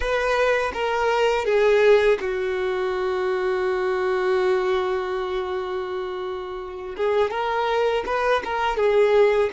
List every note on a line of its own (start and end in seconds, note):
0.00 0.72 B4
0.73 1.45 A#4
1.45 2.18 G#4
2.20 6.95 F#4
6.96 7.30 G#4
7.30 8.04 A#4
8.06 8.42 B4
8.44 8.76 A#4
8.76 9.50 G#4